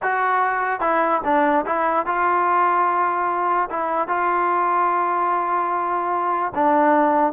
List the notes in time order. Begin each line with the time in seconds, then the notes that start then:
0.02 F#4
0.80 E4
1.24 D4
1.65 E4
2.06 F4
3.70 E4
4.08 F4
6.54 D4